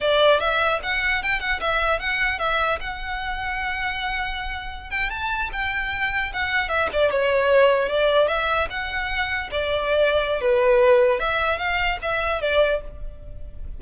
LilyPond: \new Staff \with { instrumentName = "violin" } { \time 4/4 \tempo 4 = 150 d''4 e''4 fis''4 g''8 fis''8 | e''4 fis''4 e''4 fis''4~ | fis''1~ | fis''16 g''8 a''4 g''2 fis''16~ |
fis''8. e''8 d''8 cis''2 d''16~ | d''8. e''4 fis''2 d''16~ | d''2 b'2 | e''4 f''4 e''4 d''4 | }